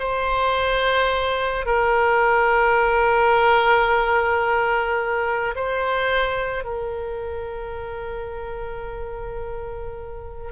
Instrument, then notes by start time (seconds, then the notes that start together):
oboe
0.00 C5
1.66 A#4
5.56 C5
6.65 A#4